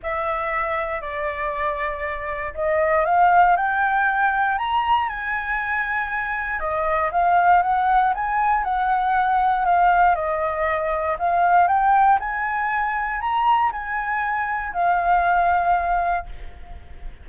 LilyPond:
\new Staff \with { instrumentName = "flute" } { \time 4/4 \tempo 4 = 118 e''2 d''2~ | d''4 dis''4 f''4 g''4~ | g''4 ais''4 gis''2~ | gis''4 dis''4 f''4 fis''4 |
gis''4 fis''2 f''4 | dis''2 f''4 g''4 | gis''2 ais''4 gis''4~ | gis''4 f''2. | }